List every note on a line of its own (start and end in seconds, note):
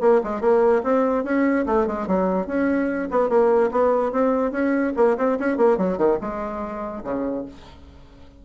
0.00 0.21 A#3
0.23 0.41 G#3
0.41 0.82 A#3
0.83 1.24 C4
1.24 1.65 C#4
1.66 1.86 A3
1.86 2.07 G#3
2.07 2.47 F#3
2.47 3.09 C#4
3.11 3.29 B3
3.29 3.70 A#3
3.71 4.12 B3
4.12 4.51 C4
4.51 4.93 C#4
4.96 5.17 A#3
5.17 5.38 C4
5.39 5.57 C#4
5.57 5.77 A#3
5.77 5.97 F#3
5.97 6.18 D#3
6.21 7.03 G#3
7.04 7.45 C#3